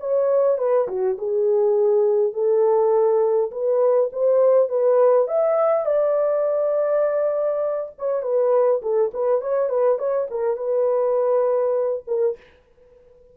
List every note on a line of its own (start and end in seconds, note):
0.00 0.59 C#5
0.59 0.88 B4
0.88 1.18 F#4
1.18 2.33 G#4
2.33 3.51 A4
3.51 4.10 B4
4.13 4.69 C5
4.69 5.28 B4
5.28 5.86 E5
5.86 7.92 D5
7.98 8.22 C#5
8.22 8.81 B4
8.82 9.11 A4
9.14 9.41 B4
9.41 9.69 C#5
9.69 9.98 B4
9.98 10.28 C#5
10.31 10.57 A#4
10.57 12.04 B4
12.07 12.37 A#4